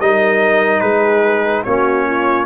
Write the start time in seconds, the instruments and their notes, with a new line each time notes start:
0.00 tuba G3, trombone D#4, horn A#4, trumpet D#5
0.80 tuba G#3, horn G#4, trumpet B4
1.64 tuba A#3, trombone C#4, horn F#4, trumpet C#5
2.06 horn F4